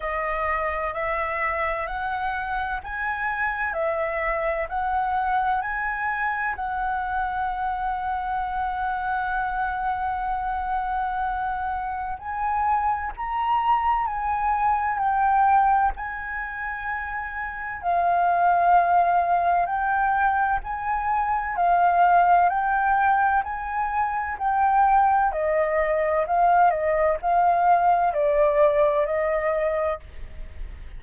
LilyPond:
\new Staff \with { instrumentName = "flute" } { \time 4/4 \tempo 4 = 64 dis''4 e''4 fis''4 gis''4 | e''4 fis''4 gis''4 fis''4~ | fis''1~ | fis''4 gis''4 ais''4 gis''4 |
g''4 gis''2 f''4~ | f''4 g''4 gis''4 f''4 | g''4 gis''4 g''4 dis''4 | f''8 dis''8 f''4 d''4 dis''4 | }